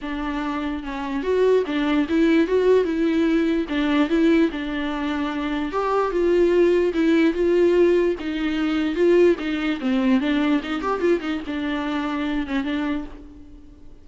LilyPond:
\new Staff \with { instrumentName = "viola" } { \time 4/4 \tempo 4 = 147 d'2 cis'4 fis'4 | d'4 e'4 fis'4 e'4~ | e'4 d'4 e'4 d'4~ | d'2 g'4 f'4~ |
f'4 e'4 f'2 | dis'2 f'4 dis'4 | c'4 d'4 dis'8 g'8 f'8 dis'8 | d'2~ d'8 cis'8 d'4 | }